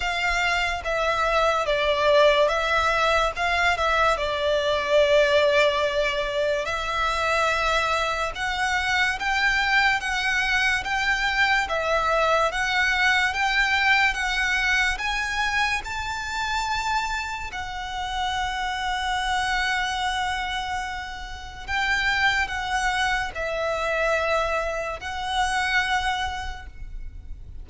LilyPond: \new Staff \with { instrumentName = "violin" } { \time 4/4 \tempo 4 = 72 f''4 e''4 d''4 e''4 | f''8 e''8 d''2. | e''2 fis''4 g''4 | fis''4 g''4 e''4 fis''4 |
g''4 fis''4 gis''4 a''4~ | a''4 fis''2.~ | fis''2 g''4 fis''4 | e''2 fis''2 | }